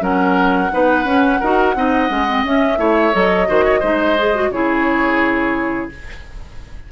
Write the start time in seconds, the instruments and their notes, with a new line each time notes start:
0.00 bassoon F#3, clarinet C#4, oboe A#4, flute F#5
0.72 bassoon B3, clarinet D#4, oboe B4
1.05 bassoon C#4, clarinet C#4
1.40 bassoon D#4, clarinet F#4, oboe A#4
1.75 bassoon C4, clarinet D#4, oboe D#5
2.09 bassoon G#3, clarinet C#4
2.28 clarinet C4
2.44 bassoon C#4, clarinet C#4, flute E5
2.78 bassoon A3, clarinet E4, oboe C#5
3.12 bassoon F#3, clarinet A4, flute D#5
3.47 bassoon D#3, clarinet F#4, oboe C5
3.65 oboe C#5
3.80 bassoon G#3, clarinet D#4, oboe C5
4.18 clarinet G#4
4.35 clarinet F#4
4.50 bassoon C#3, clarinet E4, oboe G#4, flute C#5